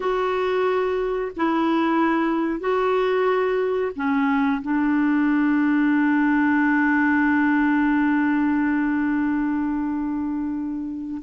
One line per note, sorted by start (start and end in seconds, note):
0.00 1.31 F#4
1.36 2.60 E4
2.60 3.91 F#4
3.95 4.61 C#4
4.62 11.21 D4